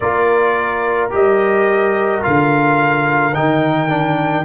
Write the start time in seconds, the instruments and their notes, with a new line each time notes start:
0.00 tuba A#3, trombone F4, horn A#4, trumpet D5
1.10 tuba G3, trombone G4, trumpet D#5
2.21 tuba D3, trombone F4, trumpet F5
3.34 tuba D#3, trombone D#4, trumpet G5
3.88 trombone D4